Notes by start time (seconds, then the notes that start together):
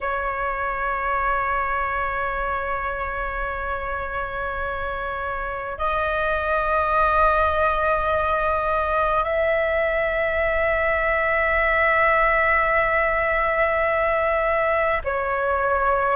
0.01 C#5
5.77 D#5
9.24 E5
15.04 C#5